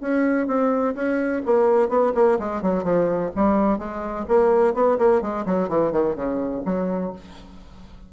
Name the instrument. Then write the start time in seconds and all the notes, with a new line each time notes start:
bassoon
0.00 C#4
0.47 C4
0.94 C#4
1.45 A#3
1.89 B3
2.14 A#3
2.39 G#3
2.62 F#3
2.83 F3
3.35 G3
3.78 G#3
4.28 A#3
4.74 B3
4.98 A#3
5.21 G#3
5.45 F#3
5.68 E3
5.92 D#3
6.15 C#3
6.65 F#3